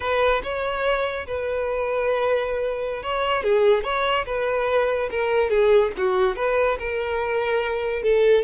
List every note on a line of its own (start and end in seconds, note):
0.00 0.41 B4
0.43 1.26 C#5
1.26 3.02 B4
3.02 3.43 C#5
3.43 3.83 G#4
3.83 4.25 C#5
4.26 5.09 B4
5.10 5.50 A#4
5.50 5.91 G#4
5.97 6.36 F#4
6.36 6.77 B4
6.79 8.02 A#4
8.02 8.44 A4